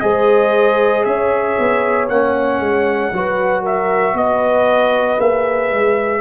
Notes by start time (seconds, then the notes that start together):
0.00 G#3 G#4 C5 D#5
1.04 C#4 C#5 E5
1.58 B3
2.09 A#3 C#4 F#5
2.59 G#3
3.12 F#3 F#4 B4
3.61 A#4 E5
4.14 B3 B4 D#5
5.17 A#3 G#4 E5
5.71 G#3